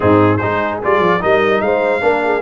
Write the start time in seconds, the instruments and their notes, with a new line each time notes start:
0.00 tuba G#2, trombone C4, horn D#4, trumpet G#4
0.37 tuba G#3, trombone D#4, horn G#4, trumpet C5
0.82 tuba G3, trombone F4, trumpet D5
0.99 tuba F3
1.20 tuba G3, trombone D#4, horn A#4, trumpet D#5
1.61 tuba G#3, horn C5, trumpet F5
2.01 tuba A#3, trombone D4, horn A#4
2.24 horn G#4